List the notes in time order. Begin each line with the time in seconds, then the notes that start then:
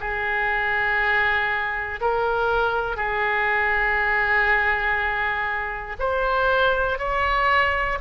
0.00 G#4
2.01 A#4
2.97 G#4
5.99 C5
6.99 C#5